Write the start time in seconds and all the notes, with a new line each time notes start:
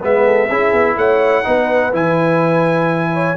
0.00 G#3 B3 B4 E5
0.25 A4
0.47 C#4 E4 G#4
0.72 B3
0.97 A3 C#5 F#5
1.44 B3 D#4 B4
1.93 E3 E4 G#5
3.13 C#5